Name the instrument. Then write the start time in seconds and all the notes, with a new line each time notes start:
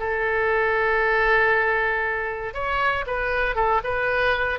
oboe
0.00 A4
2.54 C#5
3.07 B4
3.56 A4
3.84 B4